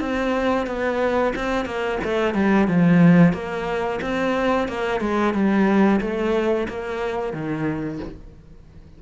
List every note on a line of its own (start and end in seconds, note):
0.00 0.67 C4
0.67 1.33 B3
1.35 1.65 C4
1.65 1.99 A#3
2.04 2.34 A3
2.34 2.68 G3
2.68 3.33 F3
3.33 3.99 A#3
4.01 4.68 C4
4.68 5.00 A#3
5.00 5.34 G#3
5.34 6.00 G3
6.01 6.67 A3
6.69 7.33 A#3
7.33 7.99 D#3